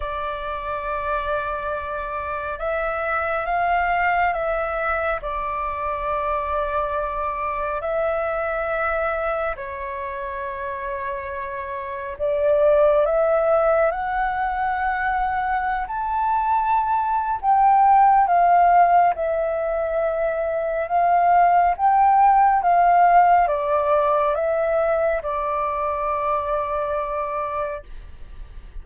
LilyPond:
\new Staff \with { instrumentName = "flute" } { \time 4/4 \tempo 4 = 69 d''2. e''4 | f''4 e''4 d''2~ | d''4 e''2 cis''4~ | cis''2 d''4 e''4 |
fis''2~ fis''16 a''4.~ a''16 | g''4 f''4 e''2 | f''4 g''4 f''4 d''4 | e''4 d''2. | }